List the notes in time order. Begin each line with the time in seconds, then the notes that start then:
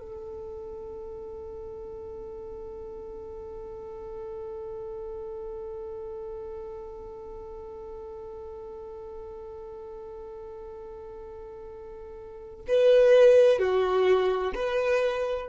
0.00 A4
12.69 B4
13.60 F#4
14.55 B4